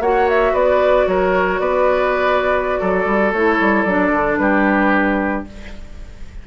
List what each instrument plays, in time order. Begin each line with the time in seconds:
0.00 bassoon A#3, clarinet F#4, oboe C#5, flute F#5
0.29 flute E5
0.53 bassoon B3, oboe B4, flute D5
1.07 bassoon F#3, oboe A#4, flute C#5
1.60 bassoon B3, oboe B4, flute D5
2.80 bassoon F#3, oboe A4
3.06 bassoon G3
3.33 bassoon A3, clarinet E4, flute C#5
3.61 bassoon G3
3.83 bassoon F#3, clarinet D4, flute D5
4.12 bassoon D3
4.38 bassoon G3, oboe G4, flute B4